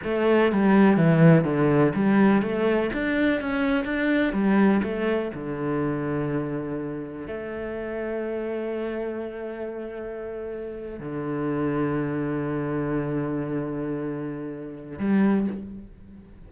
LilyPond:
\new Staff \with { instrumentName = "cello" } { \time 4/4 \tempo 4 = 124 a4 g4 e4 d4 | g4 a4 d'4 cis'4 | d'4 g4 a4 d4~ | d2. a4~ |
a1~ | a2~ a8. d4~ d16~ | d1~ | d2. g4 | }